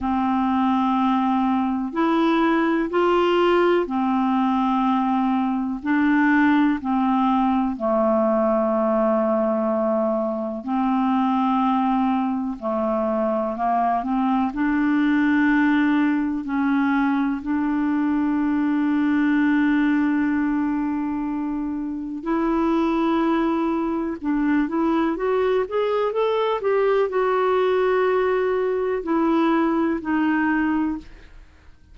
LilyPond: \new Staff \with { instrumentName = "clarinet" } { \time 4/4 \tempo 4 = 62 c'2 e'4 f'4 | c'2 d'4 c'4 | a2. c'4~ | c'4 a4 ais8 c'8 d'4~ |
d'4 cis'4 d'2~ | d'2. e'4~ | e'4 d'8 e'8 fis'8 gis'8 a'8 g'8 | fis'2 e'4 dis'4 | }